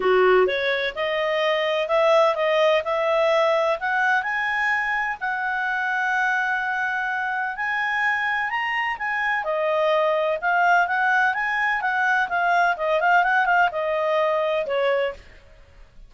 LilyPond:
\new Staff \with { instrumentName = "clarinet" } { \time 4/4 \tempo 4 = 127 fis'4 cis''4 dis''2 | e''4 dis''4 e''2 | fis''4 gis''2 fis''4~ | fis''1 |
gis''2 ais''4 gis''4 | dis''2 f''4 fis''4 | gis''4 fis''4 f''4 dis''8 f''8 | fis''8 f''8 dis''2 cis''4 | }